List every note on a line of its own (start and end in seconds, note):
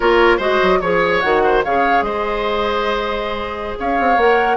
0.00 0.39 A#3
0.00 0.39 F4
0.00 0.37 A#4
0.00 0.41 C#5
0.37 0.59 G#3
0.37 0.80 F#4
0.37 0.78 C5
0.37 0.80 D#5
0.62 0.81 F#3
0.80 1.22 F3
0.80 1.22 G#4
0.80 1.20 C#5
0.80 1.42 C#5
1.20 1.64 D#3
1.20 1.63 F#4
1.20 1.61 F#5
1.44 1.64 C5
1.64 2.01 C#3
1.64 4.18 G#4
1.64 2.05 C#5
1.64 2.03 F5
2.01 3.75 G#3
2.01 3.78 C5
2.01 3.76 D#5
3.79 3.99 C#4
3.79 4.57 C#5
3.79 4.19 F5
3.99 4.16 C4
4.16 4.57 A#3
4.16 4.57 A#4
4.16 4.57 F#5